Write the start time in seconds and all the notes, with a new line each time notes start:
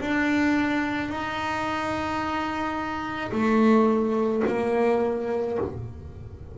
0.00 D4
1.09 D#4
3.32 A3
4.47 A#3